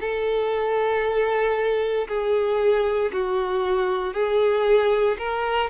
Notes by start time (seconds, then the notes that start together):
0.00 A4
2.08 G#4
3.12 F#4
4.13 G#4
5.18 A#4